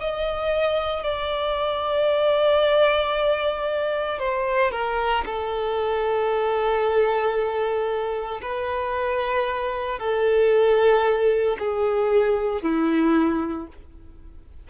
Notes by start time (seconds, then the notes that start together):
0.00 D#5
1.03 D5
4.19 C5
4.71 A#4
5.25 A4
8.42 B4
9.99 A4
11.58 G#4
12.62 E4